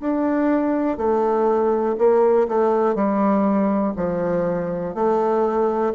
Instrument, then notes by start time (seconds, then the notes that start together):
bassoon
0.00 D4
0.97 A3
1.98 A#3
2.48 A3
2.95 G3
3.97 F3
4.95 A3